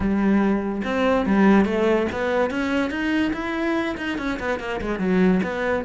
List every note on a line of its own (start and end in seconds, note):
0.00 0.81 G3
0.84 1.26 C4
1.26 1.65 G3
1.65 2.06 A3
2.12 2.50 B3
2.50 2.90 C#4
2.90 3.31 D#4
3.33 3.95 E4
3.97 4.18 D#4
4.18 4.38 C#4
4.39 4.59 B3
4.59 4.80 A#3
4.81 4.99 G#3
4.99 5.40 F#3
5.43 5.84 B3